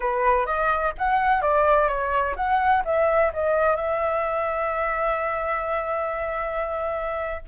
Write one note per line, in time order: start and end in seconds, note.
0.00 0.46 B4
0.46 0.93 D#5
0.98 1.41 F#5
1.41 1.88 D5
1.88 2.35 C#5
2.36 2.83 F#5
2.85 3.32 E5
3.33 3.76 D#5
3.76 7.42 E5